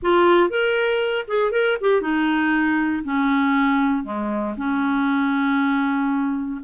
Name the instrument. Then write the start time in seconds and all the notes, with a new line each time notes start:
clarinet
0.02 F4
0.49 A#4
1.27 G#4
1.51 A#4
1.81 G4
2.01 D#4
3.04 C#4
4.04 G#3
4.57 C#4